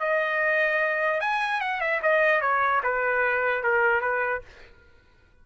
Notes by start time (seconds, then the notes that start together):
0.00 D#5
1.21 G#5
1.61 F#5
1.81 E5
2.03 D#5
2.42 C#5
2.84 B4
3.64 A#4
4.02 B4